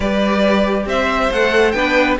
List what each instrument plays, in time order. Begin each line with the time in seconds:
0.00 cello G3, viola G4, violin B4 D5
0.85 cello C4, violin C5 E5
1.31 cello A3, viola A4, violin F#5
1.71 cello B3, viola D4, violin B4 G5